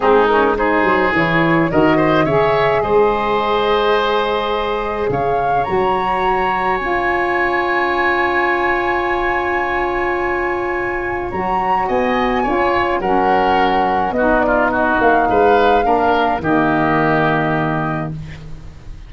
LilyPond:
<<
  \new Staff \with { instrumentName = "flute" } { \time 4/4 \tempo 4 = 106 gis'8 ais'8 c''4 cis''4 dis''4 | e''4 dis''2.~ | dis''4 f''4 ais''2 | gis''1~ |
gis''1 | ais''4 gis''2 fis''4~ | fis''4 dis''8 d''8 dis''8 f''4.~ | f''4 dis''2. | }
  \new Staff \with { instrumentName = "oboe" } { \time 4/4 dis'4 gis'2 ais'8 c''8 | cis''4 c''2.~ | c''4 cis''2.~ | cis''1~ |
cis''1~ | cis''4 dis''4 cis''4 ais'4~ | ais'4 fis'8 f'8 fis'4 b'4 | ais'4 g'2. | }
  \new Staff \with { instrumentName = "saxophone" } { \time 4/4 c'8 cis'8 dis'4 e'4 fis'4 | gis'1~ | gis'2 fis'2 | f'1~ |
f'1 | fis'2 f'4 cis'4~ | cis'4 dis'2. | d'4 ais2. | }
  \new Staff \with { instrumentName = "tuba" } { \time 4/4 gis4. fis8 e4 dis4 | cis4 gis2.~ | gis4 cis4 fis2 | cis'1~ |
cis'1 | fis4 b4 cis'4 fis4~ | fis4 b4. ais8 gis4 | ais4 dis2. | }
>>